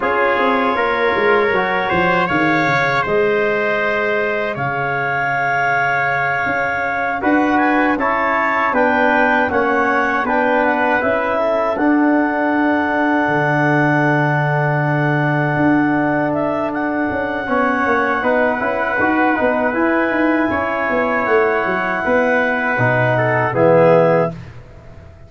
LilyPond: <<
  \new Staff \with { instrumentName = "clarinet" } { \time 4/4 \tempo 4 = 79 cis''2. f''4 | dis''2 f''2~ | f''4. fis''8 gis''8 a''4 g''8~ | g''8 fis''4 g''8 fis''8 e''4 fis''8~ |
fis''1~ | fis''4. e''8 fis''2~ | fis''2 gis''2 | fis''2. e''4 | }
  \new Staff \with { instrumentName = "trumpet" } { \time 4/4 gis'4 ais'4. c''8 cis''4 | c''2 cis''2~ | cis''4. b'4 cis''4 b'8~ | b'8 cis''4 b'4. a'4~ |
a'1~ | a'2. cis''4 | b'2. cis''4~ | cis''4 b'4. a'8 gis'4 | }
  \new Staff \with { instrumentName = "trombone" } { \time 4/4 f'2 fis'4 gis'4~ | gis'1~ | gis'4. fis'4 e'4 d'8~ | d'8 cis'4 d'4 e'4 d'8~ |
d'1~ | d'2. cis'4 | dis'8 e'8 fis'8 dis'8 e'2~ | e'2 dis'4 b4 | }
  \new Staff \with { instrumentName = "tuba" } { \time 4/4 cis'8 c'8 ais8 gis8 fis8 f8 dis8 cis8 | gis2 cis2~ | cis8 cis'4 d'4 cis'4 b8~ | b8 ais4 b4 cis'4 d'8~ |
d'4. d2~ d8~ | d8 d'2 cis'8 b8 ais8 | b8 cis'8 dis'8 b8 e'8 dis'8 cis'8 b8 | a8 fis8 b4 b,4 e4 | }
>>